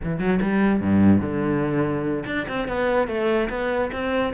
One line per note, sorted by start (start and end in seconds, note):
0.03 0.19 E3
0.19 0.39 F#3
0.41 0.80 G3
0.80 1.21 G2
1.21 2.24 D3
2.26 2.46 D4
2.48 2.68 C4
2.68 3.07 B3
3.07 3.48 A3
3.49 3.90 B3
3.92 4.33 C4